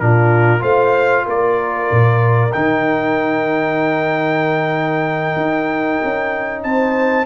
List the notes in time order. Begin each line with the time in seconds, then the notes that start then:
0.00 A#2 D4 F4 A#4
0.60 A3 F4 C5 F5
1.26 A#3 A#4 D5
1.91 A#2
2.53 D#3 D#4 G5
5.37 D#4
6.04 C#4
6.63 C4 C5 A5